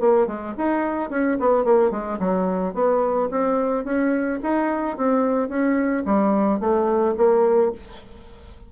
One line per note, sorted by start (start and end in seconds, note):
0.00 0.27 A#3
0.27 0.54 G#3
0.58 1.10 D#4
1.10 1.37 C#4
1.40 1.64 B3
1.64 1.91 A#3
1.91 2.18 G#3
2.19 2.74 F#3
2.74 3.29 B3
3.31 3.84 C4
3.84 4.39 C#4
4.43 4.97 D#4
4.97 5.49 C4
5.49 6.04 C#4
6.05 6.60 G3
6.60 7.15 A3
7.17 7.72 A#3